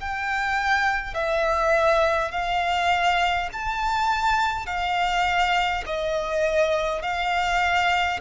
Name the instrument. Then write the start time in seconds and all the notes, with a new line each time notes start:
violin
0.00 G5
1.14 E5
2.32 F5
3.53 A5
4.66 F5
5.86 D#5
7.03 F5